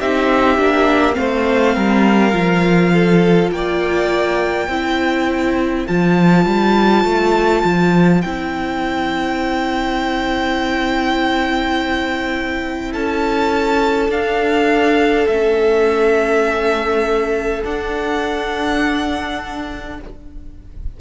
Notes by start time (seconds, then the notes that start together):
0.00 C4 D#4 G4 E5
0.58 A#3 D4
1.13 A3 C4 C5 F5
1.75 G3 A#4
2.32 F3 F4
2.93 A4
3.51 A#3 D5 G5
4.68 C4 E4 C5
5.88 F3 F4 A5
6.46 G3
7.05 A3
7.64 F3
8.22 C4 E4 G5
12.92 C#4 A4 A5
14.09 D4 F5
15.27 A3 C#4 E5
17.64 D4 F#5